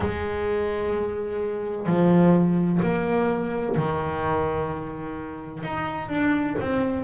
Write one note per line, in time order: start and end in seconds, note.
0.00 1.86 G#3
1.86 2.80 F3
2.82 3.75 A#3
3.76 5.63 D#3
5.63 6.09 D#4
6.09 6.55 D4
6.60 7.04 C4